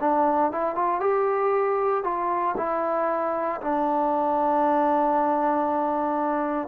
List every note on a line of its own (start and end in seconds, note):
0.00 0.51 D4
0.51 0.75 E4
0.75 1.00 F4
1.00 2.04 G4
2.04 2.55 F4
2.57 3.60 E4
3.61 6.68 D4